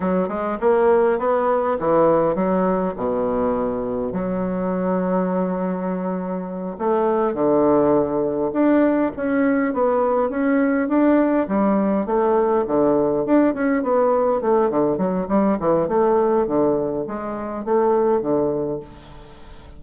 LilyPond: \new Staff \with { instrumentName = "bassoon" } { \time 4/4 \tempo 4 = 102 fis8 gis8 ais4 b4 e4 | fis4 b,2 fis4~ | fis2.~ fis8 a8~ | a8 d2 d'4 cis'8~ |
cis'8 b4 cis'4 d'4 g8~ | g8 a4 d4 d'8 cis'8 b8~ | b8 a8 d8 fis8 g8 e8 a4 | d4 gis4 a4 d4 | }